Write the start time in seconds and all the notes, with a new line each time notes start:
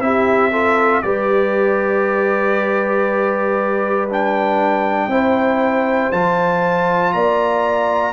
0.00 C4 E4 G4 E5
0.52 F4 A4
1.03 G3 G4 B4 D5
4.10 D4 G5
5.07 C4 E4 C5
6.12 F3 F4 A5
7.13 A#3 D5 A#5